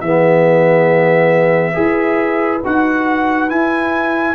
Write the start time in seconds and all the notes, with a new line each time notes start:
0.00 E3 B3 G#4 E5
1.73 E4 G#4 B4
2.64 D#4 F#4 F#5
3.48 E4 G#5